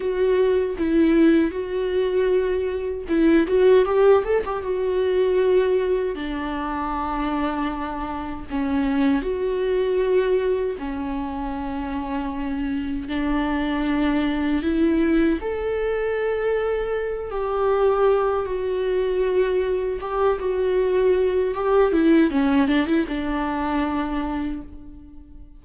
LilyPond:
\new Staff \with { instrumentName = "viola" } { \time 4/4 \tempo 4 = 78 fis'4 e'4 fis'2 | e'8 fis'8 g'8 a'16 g'16 fis'2 | d'2. cis'4 | fis'2 cis'2~ |
cis'4 d'2 e'4 | a'2~ a'8 g'4. | fis'2 g'8 fis'4. | g'8 e'8 cis'8 d'16 e'16 d'2 | }